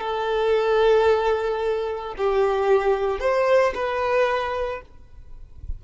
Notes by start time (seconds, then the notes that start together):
0.00 A4
2.17 G4
3.20 C5
3.74 B4